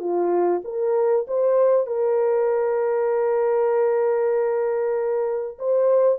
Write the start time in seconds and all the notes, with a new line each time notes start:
0.00 F4
0.65 A#4
1.28 C5
1.87 A#4
5.59 C5